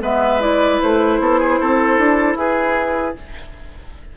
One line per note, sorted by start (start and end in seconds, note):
0.00 0.79 G#3
0.00 0.39 B3
0.00 1.20 B4
0.00 0.41 E5
0.39 3.16 E4
0.39 0.80 D5
0.81 1.19 A3
0.81 2.37 C5
1.19 1.59 B3
1.19 1.39 A4
1.39 1.59 G#4
1.60 1.98 C4
1.60 2.37 A4
1.98 2.35 D4
2.35 3.14 E4
2.35 3.16 G#4
2.35 3.16 B4